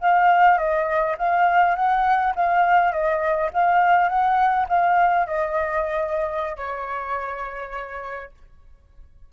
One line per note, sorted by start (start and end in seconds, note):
0.00 0.58 F5
0.58 1.16 D#5
1.18 1.76 F5
1.76 2.34 F#5
2.35 2.92 F5
2.92 3.50 D#5
3.53 4.08 F5
4.08 4.67 F#5
4.69 5.27 F5
5.27 6.57 D#5
6.57 8.31 C#5